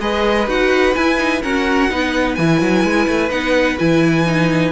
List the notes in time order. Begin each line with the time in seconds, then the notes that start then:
0.00 G#3 G#4 B4 D#5
0.47 D#4 F#4 F#5
0.95 E4 G#5
1.17 D#4
1.42 C#4 F#4 A#4 F#5
1.90 B3 D#4 B4
2.35 E3 E4 G#5
2.62 F#3
2.83 G#3
3.08 A3
3.30 B3 D#4 F#5
3.79 E3 E4 G#5
4.26 D#4